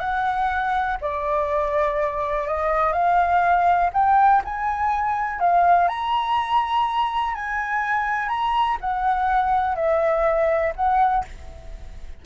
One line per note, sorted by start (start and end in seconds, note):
0.00 0.98 F#5
1.01 2.47 D5
2.47 2.93 D#5
2.93 3.90 F5
3.93 4.42 G5
4.45 5.40 G#5
5.40 5.88 F5
5.88 7.35 A#5
7.35 8.29 G#5
8.29 8.78 A#5
8.81 9.76 F#5
9.76 10.73 E5
10.76 11.25 F#5